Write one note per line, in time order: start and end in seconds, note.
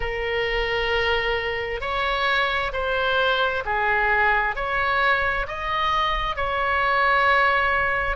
0.00 1.80 A#4
1.80 2.71 C#5
2.72 3.63 C5
3.65 4.55 G#4
4.55 5.46 C#5
5.48 6.36 D#5
6.36 8.16 C#5